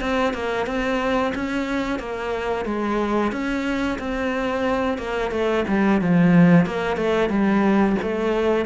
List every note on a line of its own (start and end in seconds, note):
0.00 0.33 C4
0.33 0.66 A#3
0.66 1.33 C4
1.35 1.99 C#4
1.99 2.65 A#3
2.65 3.32 G#3
3.32 3.98 C#4
3.98 4.98 C4
4.98 5.31 A#3
5.31 5.64 A3
5.68 6.01 G3
6.01 6.66 F3
6.66 6.97 A#3
6.97 7.29 A3
7.29 7.96 G3
8.02 8.65 A3